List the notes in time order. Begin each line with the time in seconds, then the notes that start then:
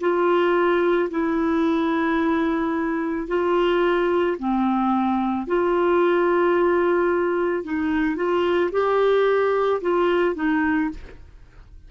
0.00 F4
1.10 E4
3.28 F4
4.39 C4
5.47 F4
7.64 D#4
8.16 F4
8.72 G4
9.81 F4
10.35 D#4